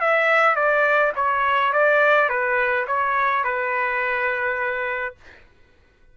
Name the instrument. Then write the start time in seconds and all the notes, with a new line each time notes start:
trumpet
0.00 E5
0.55 D5
1.15 C#5
1.72 D5
2.29 B4
2.87 C#5
3.44 B4